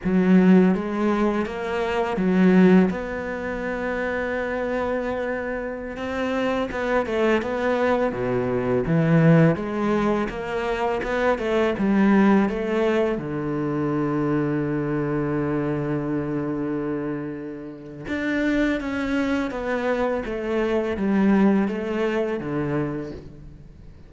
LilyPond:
\new Staff \with { instrumentName = "cello" } { \time 4/4 \tempo 4 = 83 fis4 gis4 ais4 fis4 | b1~ | b16 c'4 b8 a8 b4 b,8.~ | b,16 e4 gis4 ais4 b8 a16~ |
a16 g4 a4 d4.~ d16~ | d1~ | d4 d'4 cis'4 b4 | a4 g4 a4 d4 | }